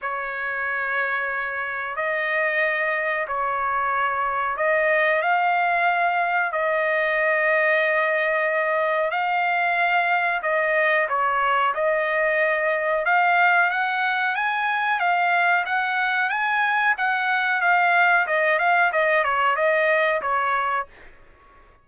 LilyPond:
\new Staff \with { instrumentName = "trumpet" } { \time 4/4 \tempo 4 = 92 cis''2. dis''4~ | dis''4 cis''2 dis''4 | f''2 dis''2~ | dis''2 f''2 |
dis''4 cis''4 dis''2 | f''4 fis''4 gis''4 f''4 | fis''4 gis''4 fis''4 f''4 | dis''8 f''8 dis''8 cis''8 dis''4 cis''4 | }